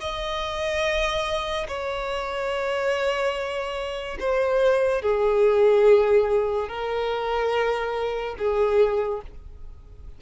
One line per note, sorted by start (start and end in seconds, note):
0.00 1.67 D#5
1.68 4.18 C#5
4.20 5.02 C5
5.02 6.68 G#4
6.68 8.35 A#4
8.38 9.21 G#4